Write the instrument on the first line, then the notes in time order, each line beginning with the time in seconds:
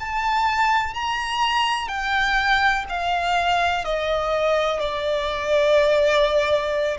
violin
0.00 A5
0.95 A#5
1.89 G5
2.89 F5
3.85 D#5
4.80 D5